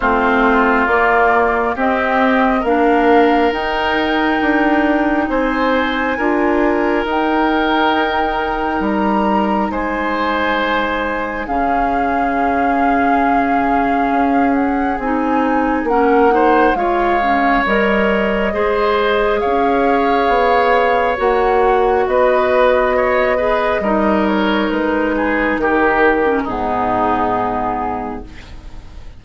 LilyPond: <<
  \new Staff \with { instrumentName = "flute" } { \time 4/4 \tempo 4 = 68 c''4 d''4 dis''4 f''4 | g''2 gis''2 | g''2 ais''4 gis''4~ | gis''4 f''2.~ |
f''8 fis''8 gis''4 fis''4 f''4 | dis''2 f''2 | fis''4 dis''2~ dis''8 cis''8 | b'4 ais'4 gis'2 | }
  \new Staff \with { instrumentName = "oboe" } { \time 4/4 f'2 g'4 ais'4~ | ais'2 c''4 ais'4~ | ais'2. c''4~ | c''4 gis'2.~ |
gis'2 ais'8 c''8 cis''4~ | cis''4 c''4 cis''2~ | cis''4 b'4 cis''8 b'8 ais'4~ | ais'8 gis'8 g'4 dis'2 | }
  \new Staff \with { instrumentName = "clarinet" } { \time 4/4 c'4 ais4 c'4 d'4 | dis'2. f'4 | dis'1~ | dis'4 cis'2.~ |
cis'4 dis'4 cis'8 dis'8 f'8 cis'8 | ais'4 gis'2. | fis'2~ fis'8 gis'8 dis'4~ | dis'4.~ dis'16 cis'16 b2 | }
  \new Staff \with { instrumentName = "bassoon" } { \time 4/4 a4 ais4 c'4 ais4 | dis'4 d'4 c'4 d'4 | dis'2 g4 gis4~ | gis4 cis2. |
cis'4 c'4 ais4 gis4 | g4 gis4 cis'4 b4 | ais4 b2 g4 | gis4 dis4 gis,2 | }
>>